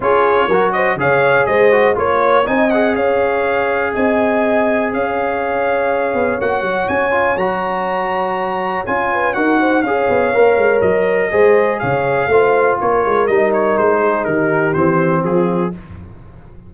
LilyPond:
<<
  \new Staff \with { instrumentName = "trumpet" } { \time 4/4 \tempo 4 = 122 cis''4. dis''8 f''4 dis''4 | cis''4 gis''8 fis''8 f''2 | gis''2 f''2~ | f''4 fis''4 gis''4 ais''4~ |
ais''2 gis''4 fis''4 | f''2 dis''2 | f''2 cis''4 dis''8 cis''8 | c''4 ais'4 c''4 gis'4 | }
  \new Staff \with { instrumentName = "horn" } { \time 4/4 gis'4 ais'8 c''8 cis''4 c''4 | cis''4 dis''4 cis''2 | dis''2 cis''2~ | cis''1~ |
cis''2~ cis''8 b'8 ais'8 c''8 | cis''2. c''4 | cis''4 c''4 ais'2~ | ais'8 gis'8 g'2 f'4 | }
  \new Staff \with { instrumentName = "trombone" } { \time 4/4 f'4 fis'4 gis'4. fis'8 | f'4 dis'8 gis'2~ gis'8~ | gis'1~ | gis'4 fis'4. f'8 fis'4~ |
fis'2 f'4 fis'4 | gis'4 ais'2 gis'4~ | gis'4 f'2 dis'4~ | dis'2 c'2 | }
  \new Staff \with { instrumentName = "tuba" } { \time 4/4 cis'4 fis4 cis4 gis4 | ais4 c'4 cis'2 | c'2 cis'2~ | cis'8 b8 ais8 fis8 cis'4 fis4~ |
fis2 cis'4 dis'4 | cis'8 b8 ais8 gis8 fis4 gis4 | cis4 a4 ais8 gis8 g4 | gis4 dis4 e4 f4 | }
>>